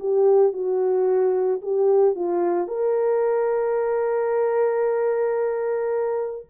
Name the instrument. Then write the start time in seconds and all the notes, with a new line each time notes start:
horn
0.00 G4
0.53 F#4
1.62 G4
2.15 F4
2.68 A#4